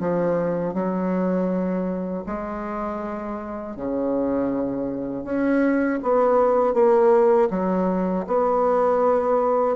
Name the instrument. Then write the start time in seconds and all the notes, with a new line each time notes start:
bassoon
0.00 F3
0.74 F#3
2.26 G#3
3.76 C#3
5.24 C#4
6.02 B3
6.74 A#3
7.50 F#3
8.27 B3